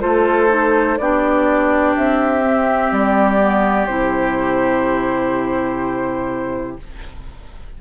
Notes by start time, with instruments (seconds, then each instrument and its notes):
0.00 bassoon A3, clarinet F4, oboe A4, flute C5
0.48 clarinet D#4
0.97 bassoon B3, clarinet D4, oboe G4, flute D5
1.96 bassoon C4, flute E5
2.43 clarinet C4
2.92 bassoon G3, flute D5
3.39 clarinet B3
3.86 bassoon C3, clarinet E4, flute C5